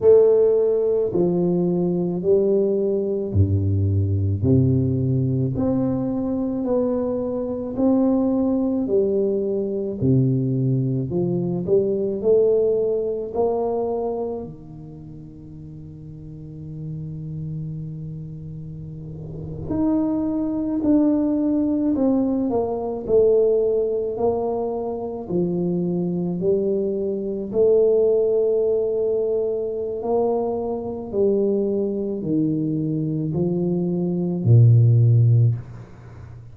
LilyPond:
\new Staff \with { instrumentName = "tuba" } { \time 4/4 \tempo 4 = 54 a4 f4 g4 g,4 | c4 c'4 b4 c'4 | g4 c4 f8 g8 a4 | ais4 dis2.~ |
dis4.~ dis16 dis'4 d'4 c'16~ | c'16 ais8 a4 ais4 f4 g16~ | g8. a2~ a16 ais4 | g4 dis4 f4 ais,4 | }